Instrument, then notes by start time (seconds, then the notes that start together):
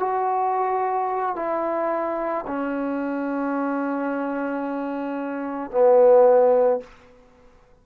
trombone
0.00 F#4
1.36 E4
2.47 C#4
5.72 B3